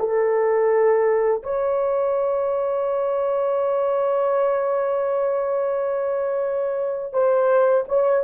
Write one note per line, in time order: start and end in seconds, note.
0.00 1.43 A4
1.44 7.13 C#5
7.13 7.84 C5
7.88 8.24 C#5